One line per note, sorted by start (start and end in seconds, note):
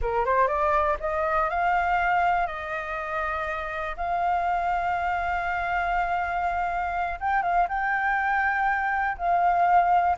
0.01 0.25 A#4
0.25 0.47 C5
0.47 0.97 D5
1.00 1.49 D#5
1.49 2.47 F5
2.47 3.95 D#5
3.97 7.19 F5
7.19 7.42 G5
7.42 7.67 F5
7.68 9.17 G5
9.17 10.16 F5